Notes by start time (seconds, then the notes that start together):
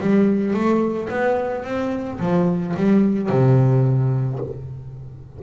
0.00 G3
0.54 A3
1.10 B3
1.64 C4
2.20 F3
2.77 G3
3.29 C3